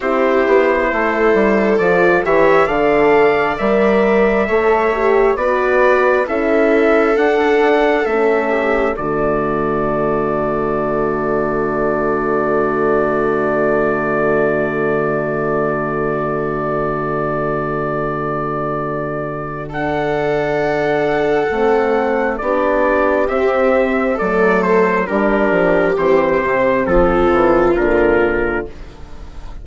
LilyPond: <<
  \new Staff \with { instrumentName = "trumpet" } { \time 4/4 \tempo 4 = 67 c''2 d''8 e''8 f''4 | e''2 d''4 e''4 | fis''4 e''4 d''2~ | d''1~ |
d''1~ | d''2 fis''2~ | fis''4 d''4 e''4 d''8 c''8 | ais'4 c''4 a'4 ais'4 | }
  \new Staff \with { instrumentName = "viola" } { \time 4/4 g'4 a'4. cis''8 d''4~ | d''4 cis''4 b'4 a'4~ | a'4. g'8 fis'2~ | fis'1~ |
fis'1~ | fis'2 a'2~ | a'4 g'2 a'4 | g'2 f'2 | }
  \new Staff \with { instrumentName = "horn" } { \time 4/4 e'2 f'8 g'8 a'4 | ais'4 a'8 g'8 fis'4 e'4 | d'4 cis'4 a2~ | a1~ |
a1~ | a2 d'2 | c'4 d'4 c'4 a4 | d'4 c'2 ais4 | }
  \new Staff \with { instrumentName = "bassoon" } { \time 4/4 c'8 b8 a8 g8 f8 e8 d4 | g4 a4 b4 cis'4 | d'4 a4 d2~ | d1~ |
d1~ | d1 | a4 b4 c'4 fis4 | g8 f8 e8 c8 f8 e8 d4 | }
>>